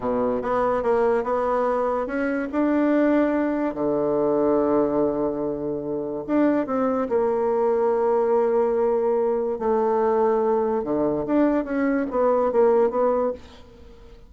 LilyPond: \new Staff \with { instrumentName = "bassoon" } { \time 4/4 \tempo 4 = 144 b,4 b4 ais4 b4~ | b4 cis'4 d'2~ | d'4 d2.~ | d2. d'4 |
c'4 ais2.~ | ais2. a4~ | a2 d4 d'4 | cis'4 b4 ais4 b4 | }